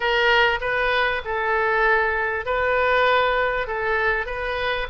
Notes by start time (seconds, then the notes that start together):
0.00 A#4
0.60 B4
1.24 A4
2.45 B4
3.67 A4
4.26 B4